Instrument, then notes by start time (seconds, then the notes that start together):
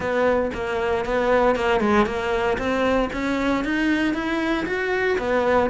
cello
0.00 B3
0.54 A#3
1.05 B3
1.55 A#3
1.80 G#3
2.05 A#3
2.57 C4
3.12 C#4
3.64 D#4
4.14 E4
4.66 F#4
5.18 B3